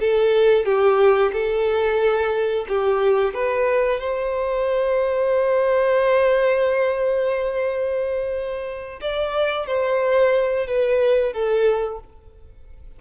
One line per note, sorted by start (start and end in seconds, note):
0.00 0.65 A4
0.65 1.32 G4
1.33 2.66 A4
2.68 3.34 G4
3.34 4.00 B4
4.00 9.00 C5
9.01 9.67 D5
9.67 10.67 C5
10.67 11.33 B4
11.33 12.00 A4